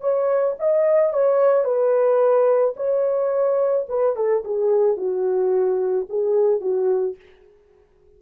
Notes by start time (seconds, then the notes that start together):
0.00 C#5
0.59 D#5
1.13 C#5
1.64 B4
2.76 C#5
3.89 B4
4.16 A4
4.44 G#4
4.96 F#4
6.09 G#4
6.61 F#4